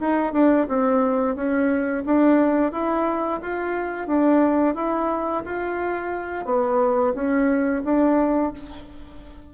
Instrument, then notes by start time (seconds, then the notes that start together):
bassoon
0.00 D#4
0.33 D4
0.68 C4
1.35 C#4
2.05 D4
2.72 E4
3.42 F4
4.07 D4
4.75 E4
5.45 F4
6.46 B3
7.14 C#4
7.84 D4